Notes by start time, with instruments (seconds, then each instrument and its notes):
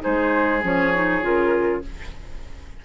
0.00 clarinet D#4, oboe G#4, flute C5
0.06 bassoon G#3
0.64 bassoon F3, clarinet C#4, flute C#5
0.94 clarinet D#4
1.22 bassoon C#3, clarinet F4, flute A#4